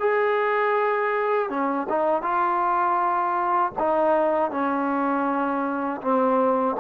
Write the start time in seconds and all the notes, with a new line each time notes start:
0.00 G#4
1.50 C#4
1.89 D#4
2.23 F4
3.79 D#4
4.51 C#4
6.01 C4